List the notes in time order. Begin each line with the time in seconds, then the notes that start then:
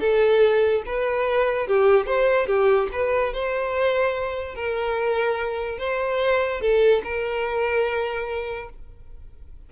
0.00 A4
0.86 B4
1.67 G4
2.06 C5
2.47 G4
2.92 B4
3.33 C5
4.55 A#4
5.78 C5
6.61 A4
7.04 A#4